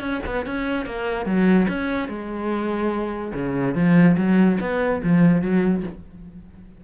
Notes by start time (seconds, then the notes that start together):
0.00 C#4
0.26 B3
0.46 C#4
0.85 A#3
1.25 F#3
1.68 C#4
2.08 G#3
3.33 C#3
3.75 F3
4.17 F#3
4.60 B3
5.03 F3
5.42 F#3